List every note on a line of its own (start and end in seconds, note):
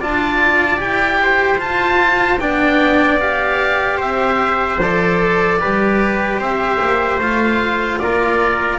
0.00 0.80 D4
0.00 0.77 F4
0.00 1.20 D5
0.00 0.80 A5
0.77 1.60 E4
0.77 1.57 G4
0.77 1.60 G5
1.22 2.40 C5
1.57 2.37 F4
1.57 2.40 F4
1.57 2.39 A5
2.39 4.00 B3
2.39 3.18 D4
2.39 3.97 D5
2.39 3.19 G5
3.18 4.78 G4
3.18 4.00 F5
3.97 4.78 C4
3.97 5.57 C5
3.97 4.80 E5
4.78 5.58 F3
4.78 5.59 A4
4.78 6.41 D5
5.59 6.38 G3
5.59 7.19 G4
5.59 6.39 B4
6.38 6.78 C4
6.38 7.99 C5
6.38 7.20 E5
6.80 7.18 A#3
7.18 7.98 A3
7.18 8.79 F4
7.18 7.98 F5
7.98 8.79 A#3
7.98 8.79 A#4
7.98 8.78 D5